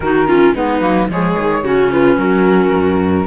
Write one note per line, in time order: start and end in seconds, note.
0.00 0.52 D#3
0.00 0.27 D#4
0.00 0.27 F#4
0.00 0.53 A#4
0.27 0.54 C#4
0.27 0.54 F4
0.54 0.81 G#3
0.54 0.80 B3
0.54 1.08 D#4
0.54 1.09 B4
0.80 1.08 F#3
0.80 1.07 A#3
1.09 1.36 F3
1.09 1.64 G#3
1.09 1.63 G#4
1.09 1.92 C#5
1.38 1.63 D#3
1.63 2.16 C#3
1.63 3.26 C#4
1.63 1.91 F#4
1.92 2.16 F4
1.92 2.18 B4
2.16 2.71 F#3
2.16 3.25 F#4
2.16 3.26 A#4
2.75 3.26 F#2